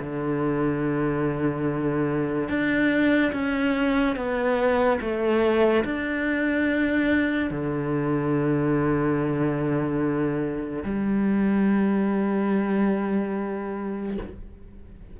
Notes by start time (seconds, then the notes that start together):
0.00 D3
2.48 D4
3.33 C#4
4.16 B3
5.01 A3
5.84 D4
7.50 D3
10.84 G3